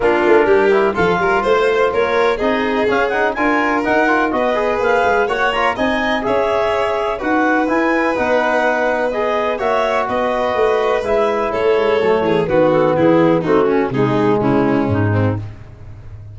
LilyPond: <<
  \new Staff \with { instrumentName = "clarinet" } { \time 4/4 \tempo 4 = 125 ais'2 f''4 c''4 | cis''4 dis''4 f''8 fis''8 gis''4 | fis''4 dis''4 f''4 fis''8 ais''8 | gis''4 e''2 fis''4 |
gis''4 fis''2 dis''4 | e''4 dis''2 e''4 | cis''2 b'8 a'8 gis'4 | fis'4 gis'4 e'4 dis'4 | }
  \new Staff \with { instrumentName = "violin" } { \time 4/4 f'4 g'4 a'8 ais'8 c''4 | ais'4 gis'2 ais'4~ | ais'4 b'2 cis''4 | dis''4 cis''2 b'4~ |
b'1 | cis''4 b'2. | a'4. gis'8 fis'4 e'4 | dis'8 cis'8 dis'4 cis'4. c'8 | }
  \new Staff \with { instrumentName = "trombone" } { \time 4/4 d'4. e'8 f'2~ | f'4 dis'4 cis'8 dis'8 f'4 | dis'8 f'8 fis'8 gis'4. fis'8 f'8 | dis'4 gis'2 fis'4 |
e'4 dis'2 gis'4 | fis'2. e'4~ | e'4 a4 b2 | c'8 cis'8 gis2. | }
  \new Staff \with { instrumentName = "tuba" } { \time 4/4 ais8 a8 g4 f8 g8 a4 | ais4 c'4 cis'4 d'4 | dis'4 b4 ais8 gis8 ais4 | c'4 cis'2 dis'4 |
e'4 b2. | ais4 b4 a4 gis4 | a8 gis8 fis8 e8 dis4 e4 | a4 c4 cis4 gis,4 | }
>>